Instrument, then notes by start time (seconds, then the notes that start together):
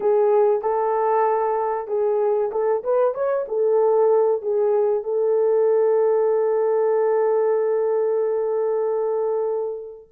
horn
0.00 G#4
0.61 A4
1.87 G#4
2.51 A4
2.83 B4
3.14 C#5
3.48 A4
4.42 G#4
5.03 A4